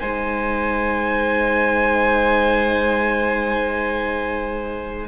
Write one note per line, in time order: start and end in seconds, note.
0.00 5.08 G#3
0.00 5.08 D#4
0.00 5.07 C5
0.00 5.07 G#5